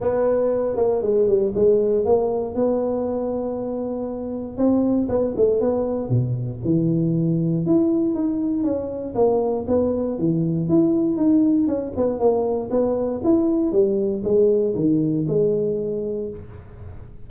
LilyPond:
\new Staff \with { instrumentName = "tuba" } { \time 4/4 \tempo 4 = 118 b4. ais8 gis8 g8 gis4 | ais4 b2.~ | b4 c'4 b8 a8 b4 | b,4 e2 e'4 |
dis'4 cis'4 ais4 b4 | e4 e'4 dis'4 cis'8 b8 | ais4 b4 e'4 g4 | gis4 dis4 gis2 | }